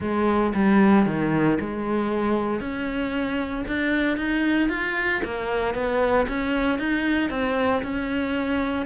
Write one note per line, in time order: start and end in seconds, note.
0.00 0.53 G#3
0.54 1.06 G3
1.06 1.58 D#3
1.60 2.60 G#3
2.60 3.64 C#4
3.67 4.17 D4
4.17 4.69 D#4
4.69 5.21 F4
5.24 5.74 A#3
5.74 6.26 B3
6.28 6.78 C#4
6.78 7.30 D#4
7.30 7.82 C4
7.82 8.86 C#4